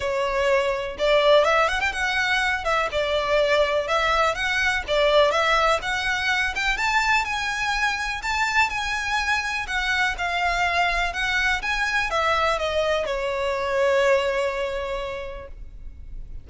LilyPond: \new Staff \with { instrumentName = "violin" } { \time 4/4 \tempo 4 = 124 cis''2 d''4 e''8 fis''16 g''16 | fis''4. e''8 d''2 | e''4 fis''4 d''4 e''4 | fis''4. g''8 a''4 gis''4~ |
gis''4 a''4 gis''2 | fis''4 f''2 fis''4 | gis''4 e''4 dis''4 cis''4~ | cis''1 | }